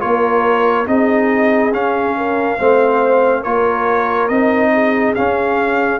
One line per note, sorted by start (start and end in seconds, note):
0.00 0.87 A#3
0.00 0.86 F4
0.00 0.88 A#4
0.00 0.87 C#5
0.86 1.73 C4
0.86 1.72 D#4
0.86 2.17 G#4
0.86 1.73 D#5
1.73 2.59 C#4
1.73 3.44 F5
2.17 2.59 A#4
2.59 3.45 A3
2.59 3.45 C4
2.59 3.42 C5
3.42 4.30 A#3
3.42 4.31 F4
3.42 4.70 A#4
3.42 4.29 C#5
4.29 5.16 C4
4.29 5.16 D#4
4.29 5.14 D#5
4.74 6.00 G#4
5.16 6.00 C#4
5.16 6.00 F5